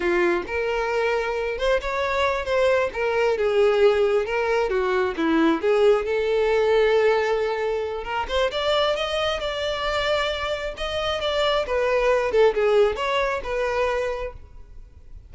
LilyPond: \new Staff \with { instrumentName = "violin" } { \time 4/4 \tempo 4 = 134 f'4 ais'2~ ais'8 c''8 | cis''4. c''4 ais'4 gis'8~ | gis'4. ais'4 fis'4 e'8~ | e'8 gis'4 a'2~ a'8~ |
a'2 ais'8 c''8 d''4 | dis''4 d''2. | dis''4 d''4 b'4. a'8 | gis'4 cis''4 b'2 | }